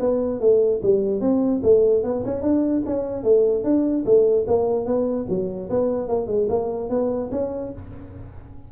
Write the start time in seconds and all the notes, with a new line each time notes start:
0.00 B3
0.40 A3
0.83 G3
1.21 C4
1.63 A3
2.04 B3
2.26 C#4
2.42 D4
2.86 C#4
3.24 A3
3.64 D4
4.06 A3
4.48 A#3
4.86 B3
5.29 F#3
5.70 B3
6.08 A#3
6.27 G#3
6.49 A#3
6.90 B3
7.32 C#4